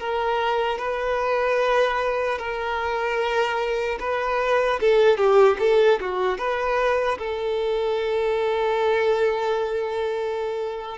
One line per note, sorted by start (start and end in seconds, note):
0.00 0.79 A#4
0.79 2.39 B4
2.39 3.99 A#4
4.00 4.80 B4
4.81 5.17 A4
5.17 5.57 G4
5.60 6.00 A4
6.01 6.39 F#4
6.39 7.19 B4
7.19 10.99 A4